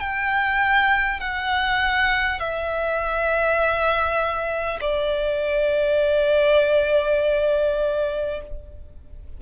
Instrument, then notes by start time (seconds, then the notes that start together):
violin
0.00 G5
1.20 F#5
2.39 E5
4.80 D5